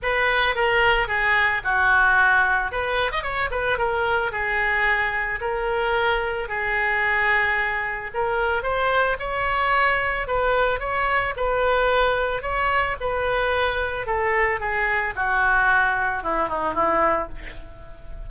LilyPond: \new Staff \with { instrumentName = "oboe" } { \time 4/4 \tempo 4 = 111 b'4 ais'4 gis'4 fis'4~ | fis'4 b'8. dis''16 cis''8 b'8 ais'4 | gis'2 ais'2 | gis'2. ais'4 |
c''4 cis''2 b'4 | cis''4 b'2 cis''4 | b'2 a'4 gis'4 | fis'2 e'8 dis'8 e'4 | }